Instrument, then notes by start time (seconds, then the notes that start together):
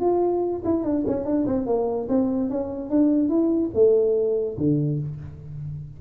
tuba
0.00 F4
0.64 E4
0.84 D4
1.07 C#4
1.25 D4
1.46 C4
1.66 A#3
2.08 C4
2.49 C#4
2.89 D4
3.29 E4
3.74 A3
4.57 D3